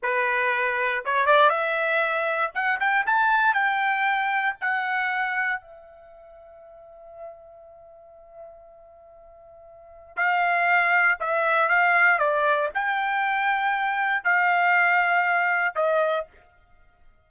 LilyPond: \new Staff \with { instrumentName = "trumpet" } { \time 4/4 \tempo 4 = 118 b'2 cis''8 d''8 e''4~ | e''4 fis''8 g''8 a''4 g''4~ | g''4 fis''2 e''4~ | e''1~ |
e''1 | f''2 e''4 f''4 | d''4 g''2. | f''2. dis''4 | }